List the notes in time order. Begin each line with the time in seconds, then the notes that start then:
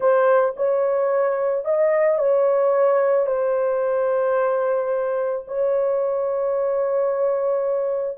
0.00 C5
0.56 C#5
1.64 D#5
2.18 C#5
3.26 C5
5.47 C#5